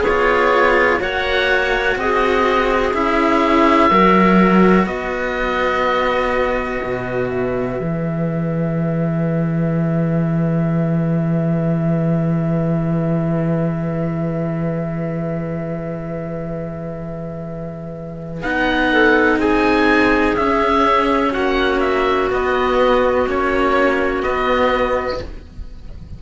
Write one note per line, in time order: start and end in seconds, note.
0.00 0.97 B3
0.00 0.99 G#4
0.00 1.01 C#5
0.08 0.99 F4
0.99 1.96 A#3
0.99 2.92 F#4
0.99 1.97 C#5
0.99 1.98 F#5
1.96 2.93 C4
1.96 3.90 G#4
1.96 2.95 D#5
2.94 3.90 C#4
2.94 3.90 E4
2.94 4.86 E5
3.90 4.86 F#3
3.90 7.79 F#4
3.90 4.86 A#4
4.86 6.79 B3
4.86 18.90 B4
4.86 7.28 D#5
6.83 7.80 B2
7.28 18.41 E5
7.79 18.43 E3
7.79 18.43 G#4
18.42 19.37 B3
18.42 20.37 D#4
18.42 19.39 F#5
18.92 19.39 A4
19.37 20.34 C4
19.37 21.31 G#4
19.37 20.36 G#5
20.36 21.33 C#4
20.36 22.31 C#4
20.36 21.33 E5
21.31 22.29 A#3
21.31 25.18 F#4
21.31 21.80 F#5
21.80 22.29 E5
22.29 23.26 B3
22.29 23.28 B3
22.29 23.29 D#5
23.26 24.23 A#3
23.26 24.23 C#4
23.26 24.23 C#5
24.23 25.20 B3
24.23 25.22 B3
24.23 25.19 D#5